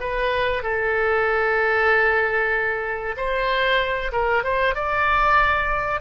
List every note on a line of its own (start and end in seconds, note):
0.00 0.63 B4
0.63 3.16 A4
3.17 4.11 C5
4.12 4.43 A#4
4.43 4.75 C5
4.75 6.01 D5